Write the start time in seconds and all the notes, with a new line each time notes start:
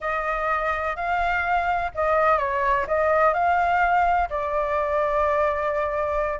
0.01 D#5
0.95 F5
1.94 D#5
2.38 C#5
2.87 D#5
3.33 F5
4.29 D5